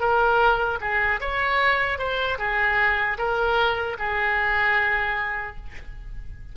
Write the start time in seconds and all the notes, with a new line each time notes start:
0.00 A#4
0.81 G#4
1.21 C#5
1.98 C5
2.39 G#4
3.18 A#4
3.99 G#4